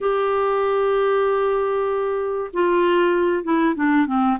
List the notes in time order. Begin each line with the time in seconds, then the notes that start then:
0.01 G4
2.53 F4
3.43 E4
3.75 D4
4.06 C4